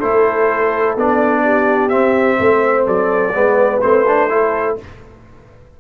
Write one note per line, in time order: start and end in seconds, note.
0.00 0.96 A3
0.00 0.98 E4
0.00 1.43 A4
0.00 0.96 C5
0.96 1.92 B3
0.96 1.90 D4
0.96 1.89 D5
1.44 2.38 G4
1.89 3.33 C4
1.89 2.39 C4
1.89 2.85 E5
2.38 2.87 A3
2.38 2.86 C5
2.86 3.35 F#3
2.86 3.34 A4
2.86 3.81 D5
3.35 3.82 G#3
3.35 3.82 B3
3.35 4.33 B4
3.81 4.79 A3
3.81 4.06 C4
3.81 4.77 C5
4.07 4.30 D4
4.30 4.78 E4
4.30 4.80 A4